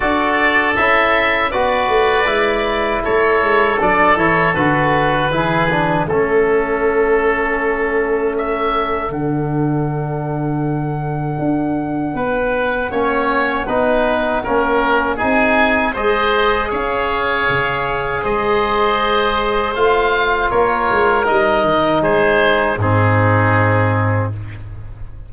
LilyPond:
<<
  \new Staff \with { instrumentName = "oboe" } { \time 4/4 \tempo 4 = 79 d''4 e''4 d''2 | cis''4 d''8 cis''8 b'2 | a'2. e''4 | fis''1~ |
fis''1 | gis''4 dis''4 f''2 | dis''2 f''4 cis''4 | dis''4 c''4 gis'2 | }
  \new Staff \with { instrumentName = "oboe" } { \time 4/4 a'2 b'2 | a'2. gis'4 | a'1~ | a'1 |
b'4 cis''4 b'4 ais'4 | gis'4 c''4 cis''2 | c''2. ais'4~ | ais'4 gis'4 dis'2 | }
  \new Staff \with { instrumentName = "trombone" } { \time 4/4 fis'4 e'4 fis'4 e'4~ | e'4 d'8 e'8 fis'4 e'8 d'8 | cis'1 | d'1~ |
d'4 cis'4 dis'4 cis'4 | dis'4 gis'2.~ | gis'2 f'2 | dis'2 c'2 | }
  \new Staff \with { instrumentName = "tuba" } { \time 4/4 d'4 cis'4 b8 a8 gis4 | a8 gis8 fis8 e8 d4 e4 | a1 | d2. d'4 |
b4 ais4 b4 ais4 | c'4 gis4 cis'4 cis4 | gis2 a4 ais8 gis8 | g8 dis8 gis4 gis,2 | }
>>